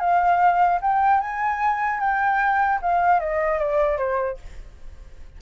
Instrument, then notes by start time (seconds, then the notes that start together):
flute
0.00 F5
0.81 G5
1.21 G#5
2.00 G5
2.82 F5
3.20 D#5
3.58 D5
3.97 C5